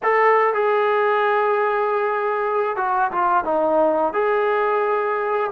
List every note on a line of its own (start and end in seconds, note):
0.02 0.53 A4
0.53 2.76 G#4
2.76 3.11 F#4
3.11 3.44 F4
3.44 4.13 D#4
4.13 5.51 G#4